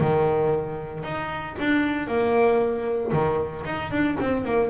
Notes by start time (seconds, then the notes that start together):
0.00 D#3
1.03 D#4
1.59 D4
2.07 A#3
3.12 D#3
3.65 D#4
3.91 D4
4.20 C4
4.45 A#3